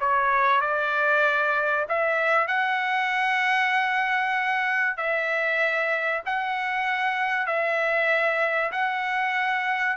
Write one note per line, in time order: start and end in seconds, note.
0.00 0.61 C#5
0.61 1.86 D5
1.89 2.47 E5
2.47 4.97 F#5
4.97 6.22 E5
6.26 7.47 F#5
7.47 8.72 E5
8.72 9.97 F#5